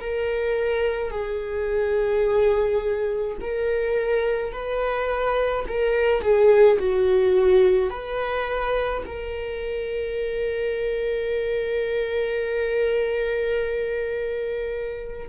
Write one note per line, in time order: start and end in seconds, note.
0.00 1.11 A#4
1.11 3.37 G#4
3.41 4.52 A#4
4.52 5.66 B4
5.68 6.21 A#4
6.21 6.78 G#4
6.79 7.89 F#4
7.89 9.03 B4
9.06 15.28 A#4